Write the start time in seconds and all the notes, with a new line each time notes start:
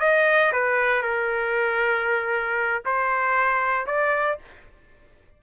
0.00 D#5
0.52 B4
1.02 A#4
2.85 C5
3.86 D5